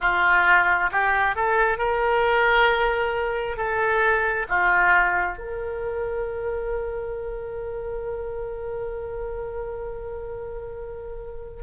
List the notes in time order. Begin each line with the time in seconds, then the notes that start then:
0.00 F4
0.91 G4
1.35 A4
1.77 A#4
3.57 A4
4.49 F4
5.38 A#4